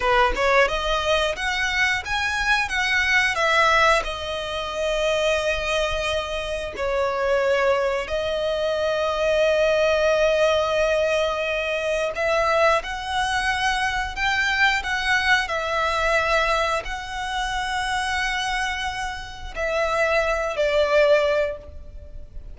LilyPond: \new Staff \with { instrumentName = "violin" } { \time 4/4 \tempo 4 = 89 b'8 cis''8 dis''4 fis''4 gis''4 | fis''4 e''4 dis''2~ | dis''2 cis''2 | dis''1~ |
dis''2 e''4 fis''4~ | fis''4 g''4 fis''4 e''4~ | e''4 fis''2.~ | fis''4 e''4. d''4. | }